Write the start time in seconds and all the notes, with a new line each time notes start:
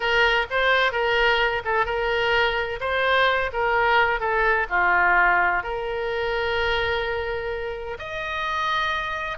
0.00 A#4
0.50 C5
0.92 A#4
1.64 A4
1.85 A#4
2.80 C5
3.52 A#4
4.20 A4
4.69 F4
5.63 A#4
7.98 D#5